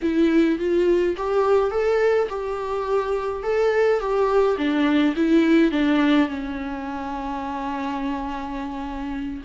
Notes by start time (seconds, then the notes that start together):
0.02 E4
0.59 F4
1.17 G4
1.70 A4
2.29 G4
3.43 A4
3.99 G4
4.57 D4
5.16 E4
5.71 D4
6.28 C#4